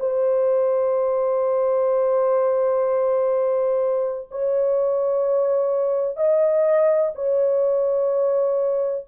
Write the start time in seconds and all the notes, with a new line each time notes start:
0.00 C5
4.31 C#5
6.16 D#5
7.15 C#5